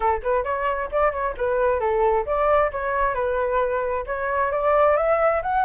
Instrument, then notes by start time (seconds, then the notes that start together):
flute
0.00 A4
0.23 B4
0.44 C#5
0.91 D5
1.12 C#5
1.37 B4
1.80 A4
2.26 D5
2.71 C#5
3.14 B4
4.06 C#5
4.51 D5
4.96 E5
5.42 F#5